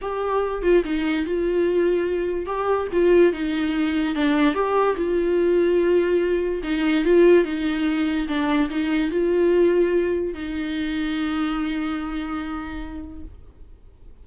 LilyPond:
\new Staff \with { instrumentName = "viola" } { \time 4/4 \tempo 4 = 145 g'4. f'8 dis'4 f'4~ | f'2 g'4 f'4 | dis'2 d'4 g'4 | f'1 |
dis'4 f'4 dis'2 | d'4 dis'4 f'2~ | f'4 dis'2.~ | dis'1 | }